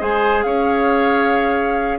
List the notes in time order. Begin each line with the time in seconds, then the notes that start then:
0.00 G#3 G#4 C5 G#5
0.43 C#4 C#5 F5